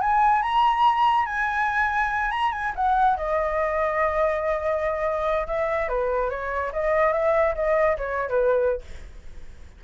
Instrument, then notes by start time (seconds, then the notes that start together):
flute
0.00 G#5
0.42 A#5
1.25 G#5
2.31 A#5
2.52 G#5
2.75 F#5
3.17 D#5
5.47 E5
5.88 B4
6.29 C#5
6.72 D#5
7.12 E5
7.55 D#5
7.97 C#5
8.28 B4